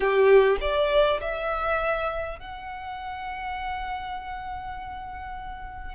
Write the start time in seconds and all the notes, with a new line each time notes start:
0.00 G4
0.60 D5
1.20 E5
2.39 F#5